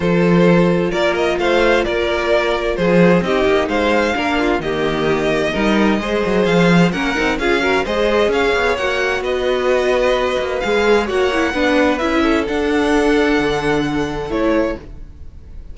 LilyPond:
<<
  \new Staff \with { instrumentName = "violin" } { \time 4/4 \tempo 4 = 130 c''2 d''8 dis''8 f''4 | d''2 c''4 dis''4 | f''2 dis''2~ | dis''2 f''4 fis''4 |
f''4 dis''4 f''4 fis''4 | dis''2. f''4 | fis''2 e''4 fis''4~ | fis''2. cis''4 | }
  \new Staff \with { instrumentName = "violin" } { \time 4/4 a'2 ais'4 c''4 | ais'2 gis'4 g'4 | c''4 ais'8 f'8 g'2 | ais'4 c''2 ais'4 |
gis'8 ais'8 c''4 cis''2 | b'1 | cis''4 b'4. a'4.~ | a'1 | }
  \new Staff \with { instrumentName = "viola" } { \time 4/4 f'1~ | f'2. dis'4~ | dis'4 d'4 ais2 | dis'4 gis'2 cis'8 dis'8 |
f'8 fis'8 gis'2 fis'4~ | fis'2. gis'4 | fis'8 e'8 d'4 e'4 d'4~ | d'2. e'4 | }
  \new Staff \with { instrumentName = "cello" } { \time 4/4 f2 ais4 a4 | ais2 f4 c'8 ais8 | gis4 ais4 dis2 | g4 gis8 fis8 f4 ais8 c'8 |
cis'4 gis4 cis'8 b8 ais4 | b2~ b8 ais8 gis4 | ais4 b4 cis'4 d'4~ | d'4 d2 a4 | }
>>